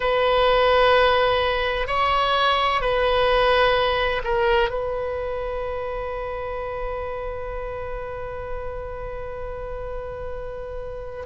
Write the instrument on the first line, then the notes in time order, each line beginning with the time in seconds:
oboe
0.00 B4
1.87 C#5
2.81 B4
4.24 A#4
4.70 B4